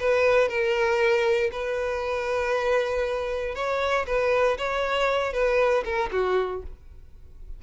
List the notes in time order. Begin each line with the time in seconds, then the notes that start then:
0.00 B4
0.49 A#4
1.52 B4
3.55 C#5
4.07 B4
4.58 C#5
5.33 B4
5.85 A#4
6.12 F#4